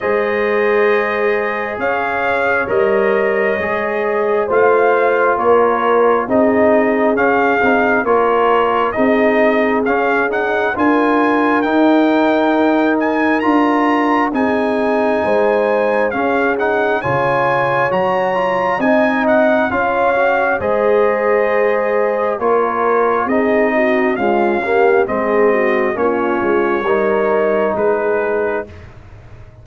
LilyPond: <<
  \new Staff \with { instrumentName = "trumpet" } { \time 4/4 \tempo 4 = 67 dis''2 f''4 dis''4~ | dis''4 f''4 cis''4 dis''4 | f''4 cis''4 dis''4 f''8 fis''8 | gis''4 g''4. gis''8 ais''4 |
gis''2 f''8 fis''8 gis''4 | ais''4 gis''8 fis''8 f''4 dis''4~ | dis''4 cis''4 dis''4 f''4 | dis''4 cis''2 b'4 | }
  \new Staff \with { instrumentName = "horn" } { \time 4/4 c''2 cis''2~ | cis''4 c''4 ais'4 gis'4~ | gis'4 ais'4 gis'2 | ais'1 |
gis'4 c''4 gis'4 cis''4~ | cis''4 dis''4 cis''4 c''4~ | c''4 ais'4 gis'8 fis'8 f'8 g'8 | gis'8 fis'8 f'4 ais'4 gis'4 | }
  \new Staff \with { instrumentName = "trombone" } { \time 4/4 gis'2. ais'4 | gis'4 f'2 dis'4 | cis'8 dis'8 f'4 dis'4 cis'8 dis'8 | f'4 dis'2 f'4 |
dis'2 cis'8 dis'8 f'4 | fis'8 f'8 dis'4 f'8 fis'8 gis'4~ | gis'4 f'4 dis'4 gis8 ais8 | c'4 cis'4 dis'2 | }
  \new Staff \with { instrumentName = "tuba" } { \time 4/4 gis2 cis'4 g4 | gis4 a4 ais4 c'4 | cis'8 c'8 ais4 c'4 cis'4 | d'4 dis'2 d'4 |
c'4 gis4 cis'4 cis4 | fis4 c'4 cis'4 gis4~ | gis4 ais4 c'4 cis'4 | gis4 ais8 gis8 g4 gis4 | }
>>